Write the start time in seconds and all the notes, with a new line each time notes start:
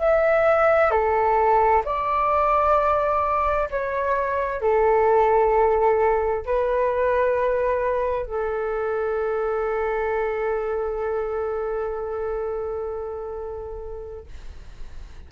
0.00 E5
0.91 A4
1.85 D5
3.71 C#5
4.62 A4
6.46 B4
8.27 A4